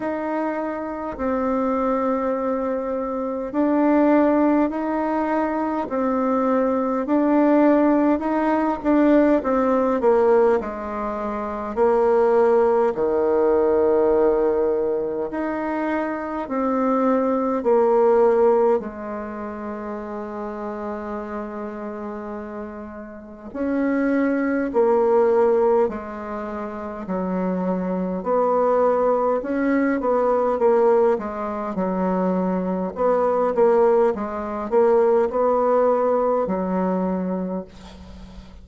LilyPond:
\new Staff \with { instrumentName = "bassoon" } { \time 4/4 \tempo 4 = 51 dis'4 c'2 d'4 | dis'4 c'4 d'4 dis'8 d'8 | c'8 ais8 gis4 ais4 dis4~ | dis4 dis'4 c'4 ais4 |
gis1 | cis'4 ais4 gis4 fis4 | b4 cis'8 b8 ais8 gis8 fis4 | b8 ais8 gis8 ais8 b4 fis4 | }